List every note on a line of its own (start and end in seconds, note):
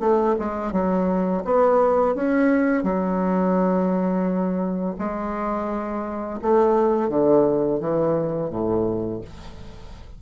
0.00 0.35 A3
0.39 0.72 G#3
0.72 1.43 F#3
1.45 2.15 B3
2.15 2.83 C#4
2.83 4.95 F#3
4.99 6.40 G#3
6.42 7.09 A3
7.09 7.80 D3
7.80 8.50 E3
8.50 9.21 A2